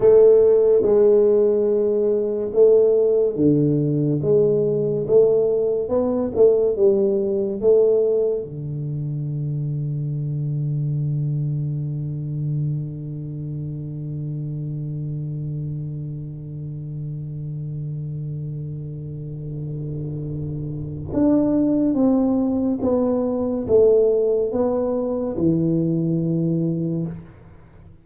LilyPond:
\new Staff \with { instrumentName = "tuba" } { \time 4/4 \tempo 4 = 71 a4 gis2 a4 | d4 gis4 a4 b8 a8 | g4 a4 d2~ | d1~ |
d1~ | d1~ | d4 d'4 c'4 b4 | a4 b4 e2 | }